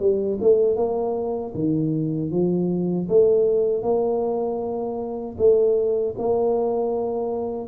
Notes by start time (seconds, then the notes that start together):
0.00 G3
0.41 A3
0.76 A#3
1.55 D#3
2.31 F3
3.09 A3
3.83 A#3
5.38 A3
6.18 A#3